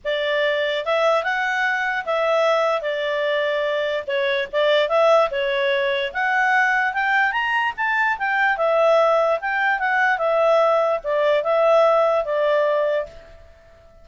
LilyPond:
\new Staff \with { instrumentName = "clarinet" } { \time 4/4 \tempo 4 = 147 d''2 e''4 fis''4~ | fis''4 e''2 d''4~ | d''2 cis''4 d''4 | e''4 cis''2 fis''4~ |
fis''4 g''4 ais''4 a''4 | g''4 e''2 g''4 | fis''4 e''2 d''4 | e''2 d''2 | }